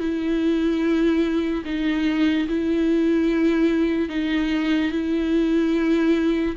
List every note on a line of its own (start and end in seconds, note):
0.00 1.64 E4
1.66 2.48 D#4
2.48 4.09 E4
4.09 4.92 D#4
4.92 6.56 E4